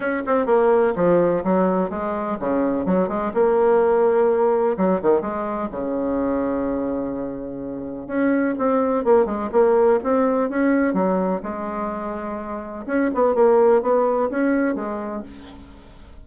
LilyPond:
\new Staff \with { instrumentName = "bassoon" } { \time 4/4 \tempo 4 = 126 cis'8 c'8 ais4 f4 fis4 | gis4 cis4 fis8 gis8 ais4~ | ais2 fis8 dis8 gis4 | cis1~ |
cis4 cis'4 c'4 ais8 gis8 | ais4 c'4 cis'4 fis4 | gis2. cis'8 b8 | ais4 b4 cis'4 gis4 | }